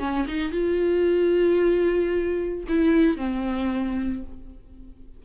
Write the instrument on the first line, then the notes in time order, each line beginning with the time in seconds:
viola
0.00 C#4
0.28 D#4
0.52 F4
2.69 E4
3.17 C4